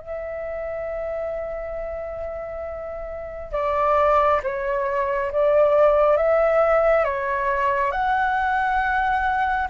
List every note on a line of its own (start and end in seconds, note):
0.00 3.53 E5
3.53 4.41 D5
4.44 5.32 C#5
5.32 6.17 D5
6.17 7.05 E5
7.05 7.92 C#5
7.92 9.68 F#5